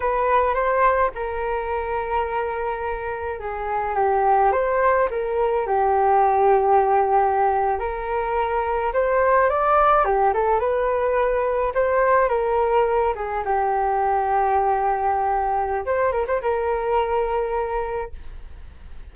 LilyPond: \new Staff \with { instrumentName = "flute" } { \time 4/4 \tempo 4 = 106 b'4 c''4 ais'2~ | ais'2 gis'4 g'4 | c''4 ais'4 g'2~ | g'4.~ g'16 ais'2 c''16~ |
c''8. d''4 g'8 a'8 b'4~ b'16~ | b'8. c''4 ais'4. gis'8 g'16~ | g'1 | c''8 ais'16 c''16 ais'2. | }